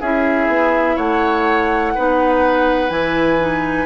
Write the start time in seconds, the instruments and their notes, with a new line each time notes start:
0.00 bassoon C#4, clarinet E4, oboe G#4, flute E5
0.48 bassoon B3
0.96 bassoon A3, oboe C#5, flute F#5
1.95 bassoon B3, clarinet D#4, oboe B4
2.89 bassoon E3, clarinet E4, flute G#5
3.39 clarinet D#4